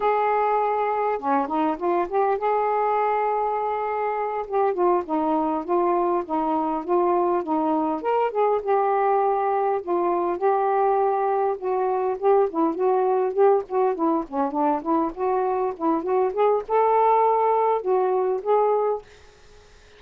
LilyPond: \new Staff \with { instrumentName = "saxophone" } { \time 4/4 \tempo 4 = 101 gis'2 cis'8 dis'8 f'8 g'8 | gis'2.~ gis'8 g'8 | f'8 dis'4 f'4 dis'4 f'8~ | f'8 dis'4 ais'8 gis'8 g'4.~ |
g'8 f'4 g'2 fis'8~ | fis'8 g'8 e'8 fis'4 g'8 fis'8 e'8 | cis'8 d'8 e'8 fis'4 e'8 fis'8 gis'8 | a'2 fis'4 gis'4 | }